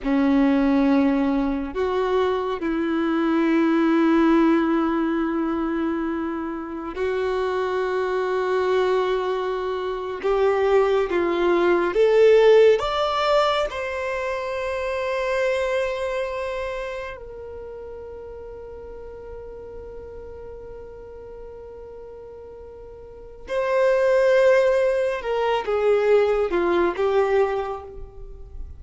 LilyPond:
\new Staff \with { instrumentName = "violin" } { \time 4/4 \tempo 4 = 69 cis'2 fis'4 e'4~ | e'1 | fis'2.~ fis'8. g'16~ | g'8. f'4 a'4 d''4 c''16~ |
c''2.~ c''8. ais'16~ | ais'1~ | ais'2. c''4~ | c''4 ais'8 gis'4 f'8 g'4 | }